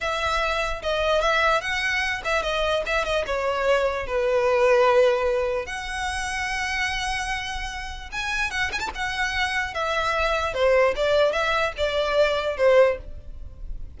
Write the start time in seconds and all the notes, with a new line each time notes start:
0.00 E5
0.82 D#5
1.21 E5
1.61 F#5
2.24 E5
2.42 D#5
2.86 E5
3.04 D#5
3.26 C#5
4.06 B4
5.66 F#5
8.11 G#5
8.51 F#5
8.72 G#5
8.79 A5
8.94 F#5
9.74 E5
10.54 C5
10.96 D5
11.32 E5
11.77 D5
12.57 C5